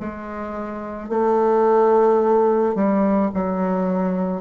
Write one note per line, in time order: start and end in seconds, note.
0.00 1.09 G#3
1.09 2.75 A3
2.75 3.31 G3
3.34 4.41 F#3